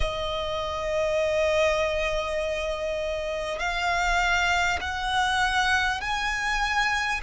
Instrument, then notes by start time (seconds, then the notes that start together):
violin
0.00 D#5
3.59 F5
4.80 F#5
6.01 G#5